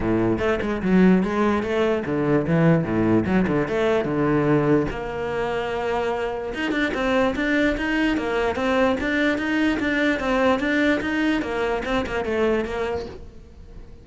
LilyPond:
\new Staff \with { instrumentName = "cello" } { \time 4/4 \tempo 4 = 147 a,4 a8 gis8 fis4 gis4 | a4 d4 e4 a,4 | fis8 d8 a4 d2 | ais1 |
dis'8 d'8 c'4 d'4 dis'4 | ais4 c'4 d'4 dis'4 | d'4 c'4 d'4 dis'4 | ais4 c'8 ais8 a4 ais4 | }